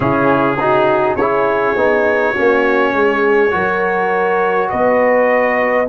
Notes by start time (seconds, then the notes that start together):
0.00 C#3 C#4 E4 G#4
0.59 D#4 F#4
1.14 C#4 E4 G#4 C#5
1.75 B3 D#4
2.33 A#3 C#4 F#4
2.93 G#3 G#4
3.50 F#3 F#4 A#4
4.69 B3 B4 D#5